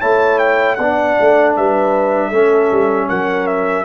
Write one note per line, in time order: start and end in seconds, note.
0.00 0.78 A3
0.00 0.77 E4
0.00 0.77 C#5
0.00 0.39 A5
0.39 0.75 G5
0.75 1.17 B3
0.75 2.32 D4
0.75 1.54 D5
0.75 1.52 F#5
1.20 1.57 A3
1.56 2.31 G3
1.56 2.28 B4
1.56 3.09 E5
2.28 2.69 A3
2.28 3.85 C#4
2.28 3.05 A4
2.71 3.09 G3
3.09 3.85 F#3
3.09 3.85 A#4
3.09 3.47 F#5
3.47 3.85 E5